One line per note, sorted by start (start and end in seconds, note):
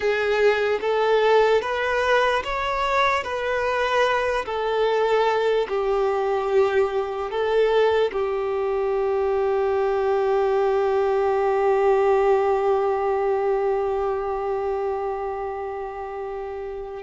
0.00 0.79 G#4
0.81 1.61 A4
1.61 2.43 B4
2.44 3.23 C#5
3.23 4.45 B4
4.45 5.67 A4
5.68 7.30 G4
7.30 8.11 A4
8.12 17.03 G4